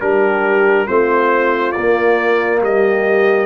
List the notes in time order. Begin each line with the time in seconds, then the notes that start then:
0.00 G3 D4 G4 A#4
0.87 A3 C4 F4 C5
1.71 A#3 D5
2.61 G3 G4 D#5